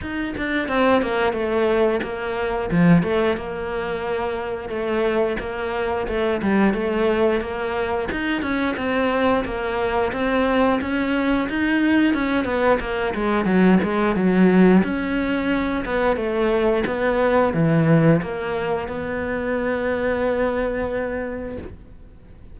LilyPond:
\new Staff \with { instrumentName = "cello" } { \time 4/4 \tempo 4 = 89 dis'8 d'8 c'8 ais8 a4 ais4 | f8 a8 ais2 a4 | ais4 a8 g8 a4 ais4 | dis'8 cis'8 c'4 ais4 c'4 |
cis'4 dis'4 cis'8 b8 ais8 gis8 | fis8 gis8 fis4 cis'4. b8 | a4 b4 e4 ais4 | b1 | }